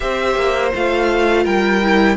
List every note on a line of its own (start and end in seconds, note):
0.00 0.35 C4
0.00 0.71 G4
0.00 1.43 C5
0.00 0.70 E5
0.35 0.72 A#3
0.74 1.45 A3
0.74 1.82 F4
0.74 1.45 F5
1.43 2.16 G3
1.43 2.15 A#4
1.43 2.16 G5
1.82 2.16 E4